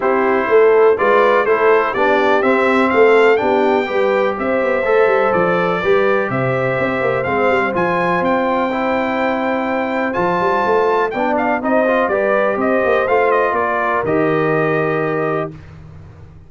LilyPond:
<<
  \new Staff \with { instrumentName = "trumpet" } { \time 4/4 \tempo 4 = 124 c''2 d''4 c''4 | d''4 e''4 f''4 g''4~ | g''4 e''2 d''4~ | d''4 e''2 f''4 |
gis''4 g''2.~ | g''4 a''2 g''8 f''8 | dis''4 d''4 dis''4 f''8 dis''8 | d''4 dis''2. | }
  \new Staff \with { instrumentName = "horn" } { \time 4/4 g'4 a'4 b'4 a'4 | g'2 a'4 g'4 | b'4 c''2. | b'4 c''2.~ |
c''1~ | c''2. d''4 | c''4 b'4 c''2 | ais'1 | }
  \new Staff \with { instrumentName = "trombone" } { \time 4/4 e'2 f'4 e'4 | d'4 c'2 d'4 | g'2 a'2 | g'2. c'4 |
f'2 e'2~ | e'4 f'2 d'4 | dis'8 f'8 g'2 f'4~ | f'4 g'2. | }
  \new Staff \with { instrumentName = "tuba" } { \time 4/4 c'4 a4 gis4 a4 | b4 c'4 a4 b4 | g4 c'8 b8 a8 g8 f4 | g4 c4 c'8 ais8 gis8 g8 |
f4 c'2.~ | c'4 f8 g8 a4 b4 | c'4 g4 c'8 ais8 a4 | ais4 dis2. | }
>>